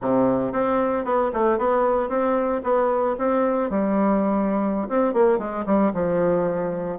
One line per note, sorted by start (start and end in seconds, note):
0.01 0.52 C3
0.52 1.05 C4
1.05 1.31 B3
1.33 1.58 A3
1.58 2.09 B3
2.09 2.61 C4
2.63 3.16 B3
3.18 3.69 C4
3.69 4.88 G3
4.89 5.13 C4
5.13 5.38 A#3
5.38 5.64 G#3
5.66 5.92 G3
5.93 6.98 F3